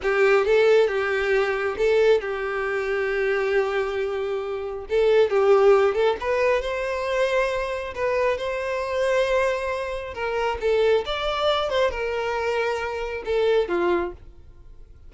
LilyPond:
\new Staff \with { instrumentName = "violin" } { \time 4/4 \tempo 4 = 136 g'4 a'4 g'2 | a'4 g'2.~ | g'2. a'4 | g'4. a'8 b'4 c''4~ |
c''2 b'4 c''4~ | c''2. ais'4 | a'4 d''4. c''8 ais'4~ | ais'2 a'4 f'4 | }